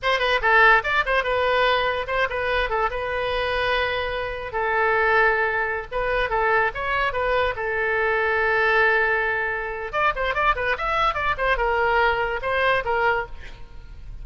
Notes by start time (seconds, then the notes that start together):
0.02 C5
0.19 B4
0.41 A4
0.83 D5
1.05 C5
1.23 B4
2.07 C5
2.29 B4
2.69 A4
2.90 B4
4.52 A4
5.91 B4
6.29 A4
6.74 C#5
7.13 B4
7.56 A4
9.92 D5
10.15 C5
10.34 D5
10.55 B4
10.77 E5
11.14 D5
11.37 C5
11.57 A#4
12.42 C5
12.84 A#4